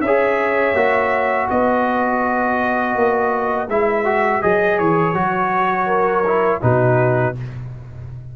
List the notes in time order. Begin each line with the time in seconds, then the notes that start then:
0.00 C#4 C#5 E5
0.07 G#4
0.75 A#3 F#4
1.50 B3 B4 D#5
2.96 A#3
3.68 G#3 E4 E5
4.05 F#4
4.42 F#3 G#4 D#5
4.79 E3 C#5
5.14 F#3 F#4
5.86 A#4
6.26 E4
6.62 B2 D#4 F#4 B4